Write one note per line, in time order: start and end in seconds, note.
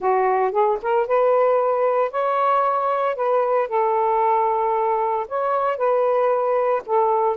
0.00 0.51 F#4
0.51 0.78 G#4
0.82 1.07 A#4
1.07 2.11 B4
2.11 3.15 C#5
3.15 3.68 B4
3.68 5.26 A4
5.28 5.77 C#5
5.77 6.82 B4
6.85 7.36 A4